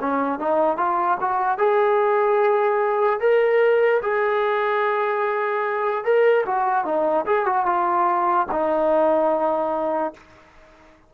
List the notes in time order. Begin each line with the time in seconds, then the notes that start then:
0.00 C#4
0.39 D#4
0.77 F4
1.20 F#4
1.58 G#4
3.20 A#4
4.02 G#4
6.04 A#4
6.46 F#4
6.84 D#4
7.26 G#4
7.46 F#4
7.65 F4
8.51 D#4